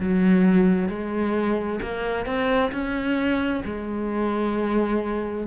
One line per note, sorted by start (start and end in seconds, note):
0.00 0.89 F#3
0.89 1.80 G#3
1.82 2.26 A#3
2.26 2.72 C4
2.72 3.63 C#4
3.66 5.48 G#3